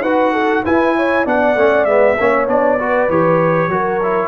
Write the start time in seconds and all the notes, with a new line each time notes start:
0.00 D#4 F#4 B4 F#5
0.33 A4
0.65 E4 B4 G#5
0.96 C#5
1.25 B3 D4 D5 F#5
1.56 A3 C#4
1.85 G#3 B3 E5
2.19 A#3 C#4 C#5
2.47 B3 D4 D5
2.78 F#4 B4
3.09 E3 G4 C#5
3.68 F#3 F#4 A#4
4.03 E4